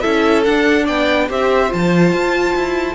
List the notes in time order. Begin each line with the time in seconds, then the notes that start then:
0.00 C#4 E4 A4 E5
0.44 D4 F#5
0.84 B3 D5 G5
1.29 C4 G4 C5 E5
1.68 F3 F4 A5
2.12 F4
2.55 E4